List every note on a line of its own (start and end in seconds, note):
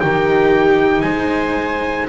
0.00 1.03 D#3
0.00 2.09 D#4
0.00 1.04 G4
0.00 1.01 G5
1.01 2.08 G#3
1.01 2.09 C5
1.01 2.06 G#5